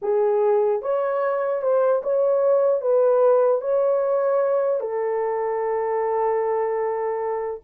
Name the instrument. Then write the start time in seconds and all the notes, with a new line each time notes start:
horn
0.01 G#4
0.82 C#5
1.61 C5
2.03 C#5
2.81 B4
3.61 C#5
4.80 A4